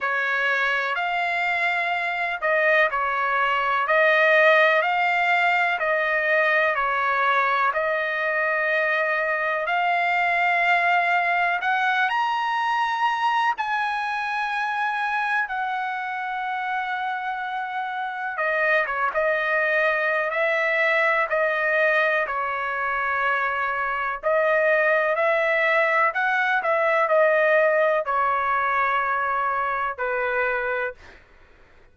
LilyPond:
\new Staff \with { instrumentName = "trumpet" } { \time 4/4 \tempo 4 = 62 cis''4 f''4. dis''8 cis''4 | dis''4 f''4 dis''4 cis''4 | dis''2 f''2 | fis''8 ais''4. gis''2 |
fis''2. dis''8 cis''16 dis''16~ | dis''4 e''4 dis''4 cis''4~ | cis''4 dis''4 e''4 fis''8 e''8 | dis''4 cis''2 b'4 | }